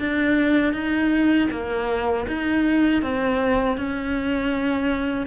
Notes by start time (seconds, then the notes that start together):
0.00 D4
0.73 D#4
1.51 A#3
2.28 D#4
3.02 C4
3.78 C#4